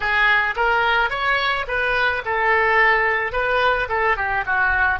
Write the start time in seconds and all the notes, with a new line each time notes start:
0.00 G#4
0.56 A#4
1.10 C#5
1.67 B4
2.25 A4
3.32 B4
3.89 A4
4.16 G4
4.45 F#4